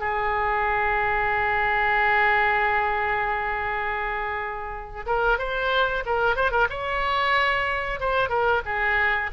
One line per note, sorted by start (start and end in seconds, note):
0.00 5.05 G#4
5.06 5.39 A#4
5.39 6.04 C5
6.06 6.36 A#4
6.36 6.51 C5
6.51 6.68 A#4
6.70 8.00 C#5
8.00 8.29 C5
8.29 8.62 A#4
8.65 9.31 G#4